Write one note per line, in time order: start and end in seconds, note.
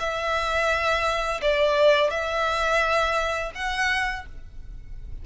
0.00 1.41 E5
1.42 2.10 D5
2.10 3.52 E5
3.55 4.26 F#5